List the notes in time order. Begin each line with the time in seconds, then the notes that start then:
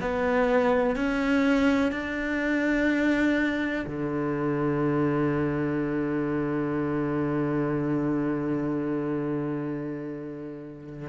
0.00 B3
0.95 C#4
1.92 D4
3.86 D3